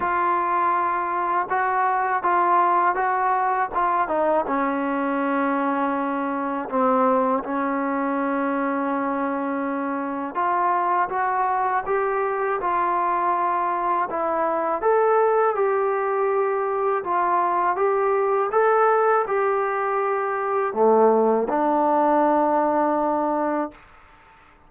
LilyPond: \new Staff \with { instrumentName = "trombone" } { \time 4/4 \tempo 4 = 81 f'2 fis'4 f'4 | fis'4 f'8 dis'8 cis'2~ | cis'4 c'4 cis'2~ | cis'2 f'4 fis'4 |
g'4 f'2 e'4 | a'4 g'2 f'4 | g'4 a'4 g'2 | a4 d'2. | }